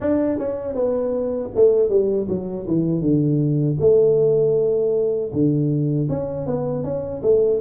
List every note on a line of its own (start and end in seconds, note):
0.00 0.38 D4
0.38 0.74 C#4
0.74 1.50 B3
1.55 1.89 A3
1.89 2.27 G3
2.28 2.66 F#3
2.67 3.01 E3
3.01 3.77 D3
3.79 5.31 A3
5.33 6.09 D3
6.09 6.46 C#4
6.46 6.84 B3
6.84 7.22 C#4
7.22 7.60 A3